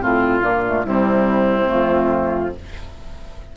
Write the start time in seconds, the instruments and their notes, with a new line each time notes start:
0.00 bassoon A2, clarinet C4, oboe F4, flute F4
0.40 bassoon A#2, clarinet A#3, flute D4
0.65 clarinet A3
0.83 bassoon C3, clarinet G3, oboe C4, flute E4
1.65 bassoon F2, clarinet A3, flute F4